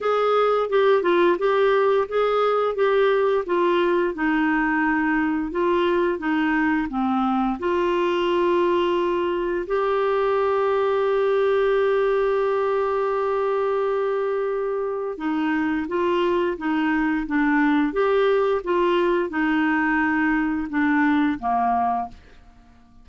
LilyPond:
\new Staff \with { instrumentName = "clarinet" } { \time 4/4 \tempo 4 = 87 gis'4 g'8 f'8 g'4 gis'4 | g'4 f'4 dis'2 | f'4 dis'4 c'4 f'4~ | f'2 g'2~ |
g'1~ | g'2 dis'4 f'4 | dis'4 d'4 g'4 f'4 | dis'2 d'4 ais4 | }